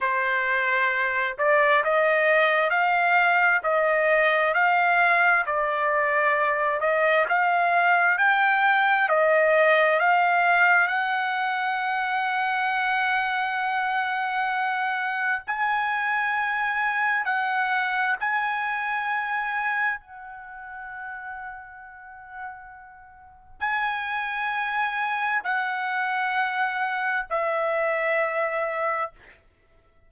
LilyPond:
\new Staff \with { instrumentName = "trumpet" } { \time 4/4 \tempo 4 = 66 c''4. d''8 dis''4 f''4 | dis''4 f''4 d''4. dis''8 | f''4 g''4 dis''4 f''4 | fis''1~ |
fis''4 gis''2 fis''4 | gis''2 fis''2~ | fis''2 gis''2 | fis''2 e''2 | }